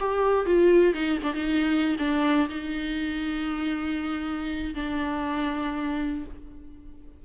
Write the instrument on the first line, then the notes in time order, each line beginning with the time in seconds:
viola
0.00 G4
0.46 F4
0.94 D#4
1.23 D4
1.34 D#4
1.99 D4
2.49 D#4
4.75 D4